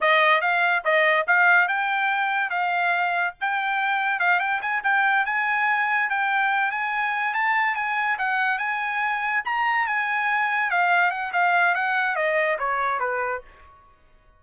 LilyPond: \new Staff \with { instrumentName = "trumpet" } { \time 4/4 \tempo 4 = 143 dis''4 f''4 dis''4 f''4 | g''2 f''2 | g''2 f''8 g''8 gis''8 g''8~ | g''8 gis''2 g''4. |
gis''4. a''4 gis''4 fis''8~ | fis''8 gis''2 ais''4 gis''8~ | gis''4. f''4 fis''8 f''4 | fis''4 dis''4 cis''4 b'4 | }